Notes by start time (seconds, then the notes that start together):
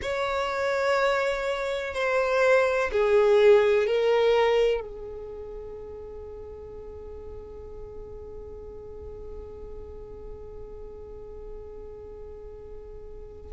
0.01 C#5
1.94 C5
2.92 G#4
3.86 A#4
4.80 G#4